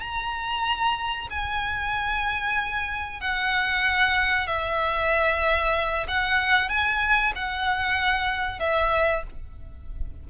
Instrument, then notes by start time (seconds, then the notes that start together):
violin
0.00 A#5
1.30 G#5
3.20 F#5
4.47 E5
6.08 F#5
6.69 G#5
7.35 F#5
8.59 E5